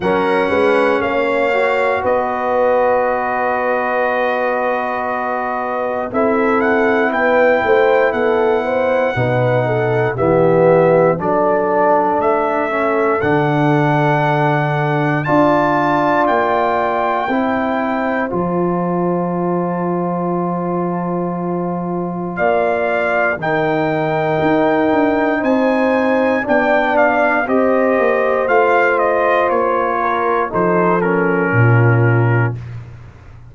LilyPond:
<<
  \new Staff \with { instrumentName = "trumpet" } { \time 4/4 \tempo 4 = 59 fis''4 f''4 dis''2~ | dis''2 e''8 fis''8 g''4 | fis''2 e''4 d''4 | e''4 fis''2 a''4 |
g''2 a''2~ | a''2 f''4 g''4~ | g''4 gis''4 g''8 f''8 dis''4 | f''8 dis''8 cis''4 c''8 ais'4. | }
  \new Staff \with { instrumentName = "horn" } { \time 4/4 ais'8 b'8 cis''4 b'2~ | b'2 a'4 b'8 c''8 | a'8 c''8 b'8 a'8 g'4 a'4~ | a'2. d''4~ |
d''4 c''2.~ | c''2 d''4 ais'4~ | ais'4 c''4 d''4 c''4~ | c''4. ais'8 a'4 f'4 | }
  \new Staff \with { instrumentName = "trombone" } { \time 4/4 cis'4. fis'2~ fis'8~ | fis'2 e'2~ | e'4 dis'4 b4 d'4~ | d'8 cis'8 d'2 f'4~ |
f'4 e'4 f'2~ | f'2. dis'4~ | dis'2 d'4 g'4 | f'2 dis'8 cis'4. | }
  \new Staff \with { instrumentName = "tuba" } { \time 4/4 fis8 gis8 ais4 b2~ | b2 c'4 b8 a8 | b4 b,4 e4 fis4 | a4 d2 d'4 |
ais4 c'4 f2~ | f2 ais4 dis4 | dis'8 d'8 c'4 b4 c'8 ais8 | a4 ais4 f4 ais,4 | }
>>